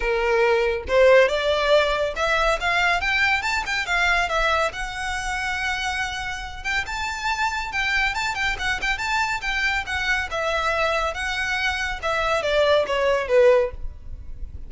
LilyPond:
\new Staff \with { instrumentName = "violin" } { \time 4/4 \tempo 4 = 140 ais'2 c''4 d''4~ | d''4 e''4 f''4 g''4 | a''8 g''8 f''4 e''4 fis''4~ | fis''2.~ fis''8 g''8 |
a''2 g''4 a''8 g''8 | fis''8 g''8 a''4 g''4 fis''4 | e''2 fis''2 | e''4 d''4 cis''4 b'4 | }